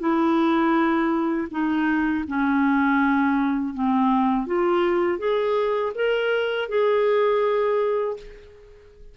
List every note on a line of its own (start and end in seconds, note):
0.00 1.48 E4
1.51 2.25 D#4
2.28 3.75 C#4
3.75 4.47 C4
4.47 5.19 F4
5.19 5.93 G#4
5.95 6.69 A#4
6.69 8.17 G#4